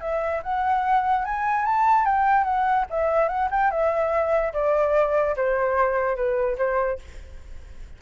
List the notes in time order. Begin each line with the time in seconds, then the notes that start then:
0.00 E5
0.43 F#5
1.24 G#5
1.65 A5
2.05 G5
2.44 F#5
2.90 E5
3.28 F#5
3.51 G5
3.70 E5
4.53 D5
5.36 C5
6.16 B4
6.57 C5